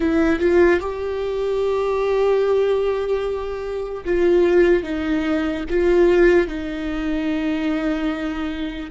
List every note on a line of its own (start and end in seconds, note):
0.00 0.39 E4
0.39 0.80 F4
0.80 4.04 G4
4.05 4.83 F4
4.83 5.64 D#4
5.69 6.47 F4
6.47 8.90 D#4